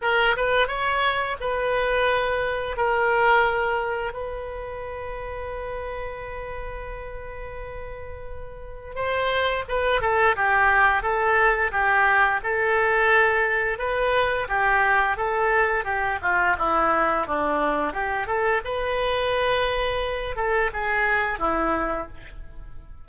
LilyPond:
\new Staff \with { instrumentName = "oboe" } { \time 4/4 \tempo 4 = 87 ais'8 b'8 cis''4 b'2 | ais'2 b'2~ | b'1~ | b'4 c''4 b'8 a'8 g'4 |
a'4 g'4 a'2 | b'4 g'4 a'4 g'8 f'8 | e'4 d'4 g'8 a'8 b'4~ | b'4. a'8 gis'4 e'4 | }